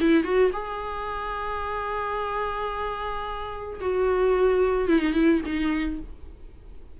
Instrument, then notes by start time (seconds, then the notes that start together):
viola
0.00 E4
0.24 F#4
0.53 G#4
3.81 F#4
4.89 E4
5.00 D#4
5.13 E4
5.45 D#4